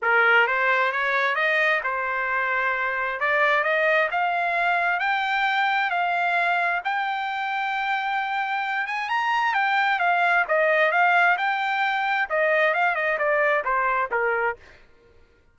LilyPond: \new Staff \with { instrumentName = "trumpet" } { \time 4/4 \tempo 4 = 132 ais'4 c''4 cis''4 dis''4 | c''2. d''4 | dis''4 f''2 g''4~ | g''4 f''2 g''4~ |
g''2.~ g''8 gis''8 | ais''4 g''4 f''4 dis''4 | f''4 g''2 dis''4 | f''8 dis''8 d''4 c''4 ais'4 | }